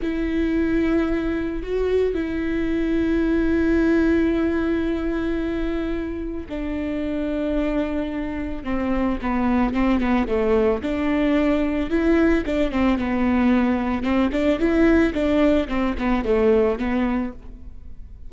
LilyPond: \new Staff \with { instrumentName = "viola" } { \time 4/4 \tempo 4 = 111 e'2. fis'4 | e'1~ | e'1 | d'1 |
c'4 b4 c'8 b8 a4 | d'2 e'4 d'8 c'8 | b2 c'8 d'8 e'4 | d'4 c'8 b8 a4 b4 | }